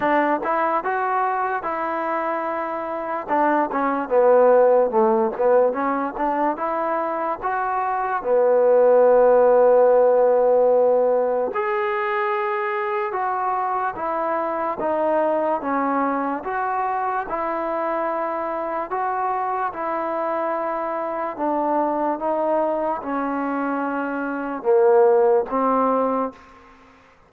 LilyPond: \new Staff \with { instrumentName = "trombone" } { \time 4/4 \tempo 4 = 73 d'8 e'8 fis'4 e'2 | d'8 cis'8 b4 a8 b8 cis'8 d'8 | e'4 fis'4 b2~ | b2 gis'2 |
fis'4 e'4 dis'4 cis'4 | fis'4 e'2 fis'4 | e'2 d'4 dis'4 | cis'2 ais4 c'4 | }